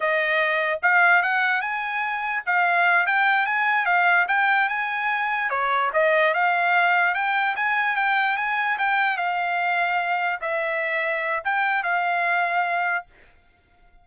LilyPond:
\new Staff \with { instrumentName = "trumpet" } { \time 4/4 \tempo 4 = 147 dis''2 f''4 fis''4 | gis''2 f''4. g''8~ | g''8 gis''4 f''4 g''4 gis''8~ | gis''4. cis''4 dis''4 f''8~ |
f''4. g''4 gis''4 g''8~ | g''8 gis''4 g''4 f''4.~ | f''4. e''2~ e''8 | g''4 f''2. | }